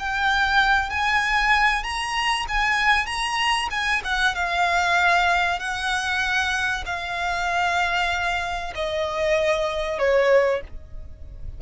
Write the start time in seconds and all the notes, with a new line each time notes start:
0.00 G5
0.91 G#5
1.84 A#5
2.49 G#5
3.07 A#5
3.71 G#5
4.05 F#5
4.36 F5
5.60 F#5
6.86 F5
8.76 D#5
9.99 C#5